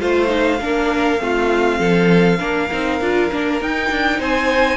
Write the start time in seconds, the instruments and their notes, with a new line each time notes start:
0.00 cello A3, viola F4, violin C5 F5
0.27 viola D#4
0.60 cello A#3, viola D4, violin A#4
1.18 cello A3, viola C4, violin F4
1.79 cello F3, violin A4
2.39 cello A#3, viola D4, violin A#4
2.71 cello C4, viola D#4
3.01 cello D4, viola F4
3.31 cello A#3, viola D4
3.61 cello D#4, viola D#4, violin G5
3.90 cello D4
4.18 cello C4, violin C5 G#5